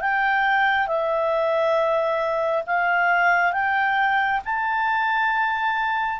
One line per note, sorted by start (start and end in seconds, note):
0.00 0.87 G5
0.87 2.64 E5
2.66 3.52 F5
3.52 4.40 G5
4.45 6.20 A5